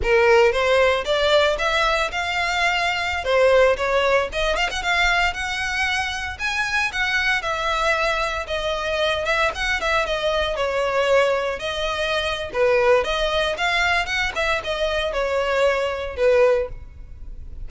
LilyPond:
\new Staff \with { instrumentName = "violin" } { \time 4/4 \tempo 4 = 115 ais'4 c''4 d''4 e''4 | f''2~ f''16 c''4 cis''8.~ | cis''16 dis''8 f''16 fis''16 f''4 fis''4.~ fis''16~ | fis''16 gis''4 fis''4 e''4.~ e''16~ |
e''16 dis''4. e''8 fis''8 e''8 dis''8.~ | dis''16 cis''2 dis''4.~ dis''16 | b'4 dis''4 f''4 fis''8 e''8 | dis''4 cis''2 b'4 | }